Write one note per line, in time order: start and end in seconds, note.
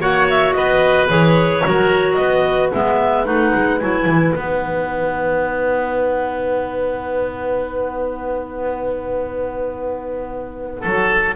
0.00 0.54 A#3
0.00 1.09 F#4
0.00 0.55 C#5
0.00 0.29 F#5
0.30 0.54 E5
0.54 1.09 B3
0.54 1.64 B4
0.54 1.08 D#5
1.09 1.64 E3
1.09 1.63 G#4
1.09 2.14 C#5
1.64 2.18 F#3
1.64 2.72 F#4
1.64 2.21 A#4
2.14 2.72 B3
2.14 2.68 D#5
2.21 10.81 B4
2.74 3.26 G#3
2.74 3.25 B3
2.74 3.26 E5
3.25 3.53 A3
3.25 3.79 D#4
3.25 3.80 F#5
3.55 3.81 G#3
3.80 4.06 F#3
3.80 4.34 E4
3.80 4.33 G#5
4.06 4.33 E3
4.33 10.84 B3
4.33 11.36 D#4
4.33 11.35 F#5
10.81 11.36 F#3
10.81 11.35 A4